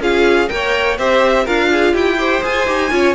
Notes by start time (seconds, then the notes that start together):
0.00 C#4 F4 G#4 F5
0.48 A#3 A#4 G5
0.54 C#5
0.99 C4 G4 C5 E5
1.45 D4 F4 A#4 F5
1.72 G#4
1.94 E4 G4 G5
2.19 G4 C5
2.43 F4 G#4 G#5
2.67 D#4 G4
2.91 C#4 F4 C#5